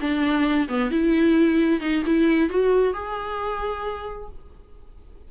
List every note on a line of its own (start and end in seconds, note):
0.00 0.68 D4
0.68 0.90 B3
0.90 1.80 E4
1.80 2.03 D#4
2.05 2.49 E4
2.49 2.93 F#4
2.93 4.29 G#4